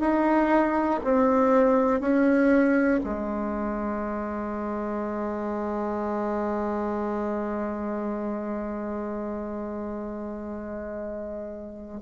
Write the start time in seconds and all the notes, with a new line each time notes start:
0.00 D#4
1.04 C4
2.00 C#4
3.04 G#3